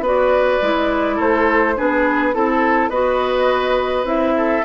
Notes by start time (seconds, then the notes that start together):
0.00 B3 F#4 B4
0.07 D5
0.62 G#3 E4
1.16 A3 A4 C5
1.76 B3 D4 G#4 B4
2.34 C4 E4 A4
2.90 B3 F#4 B4 D#5
4.04 C4 E4 E5
4.37 A4